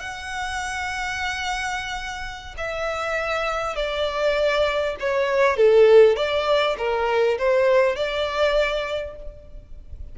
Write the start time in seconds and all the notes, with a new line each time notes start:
0.00 F#5
2.57 E5
3.76 D5
5.00 C#5
5.56 A4
6.16 D5
6.78 A#4
7.38 C5
7.96 D5